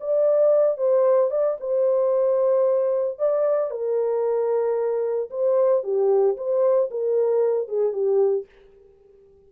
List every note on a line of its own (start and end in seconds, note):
0.00 0.77 D5
0.77 1.30 C5
1.31 1.57 D5
1.60 3.18 C5
3.18 3.70 D5
3.70 5.30 A#4
5.30 5.83 C5
5.83 6.36 G4
6.37 6.90 C5
6.91 7.68 A#4
7.68 7.92 G#4
7.92 8.45 G4